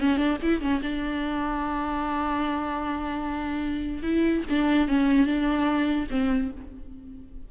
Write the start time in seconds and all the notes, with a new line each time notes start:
0.00 C#4
0.17 D4
0.43 E4
0.61 C#4
0.82 D4
4.03 E4
4.49 D4
4.88 C#4
5.26 D4
6.11 C4